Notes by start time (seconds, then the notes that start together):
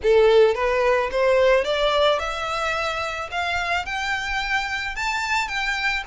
0.03 A4
0.54 B4
1.11 C5
1.64 D5
2.19 E5
3.31 F5
3.85 G5
4.95 A5
5.48 G5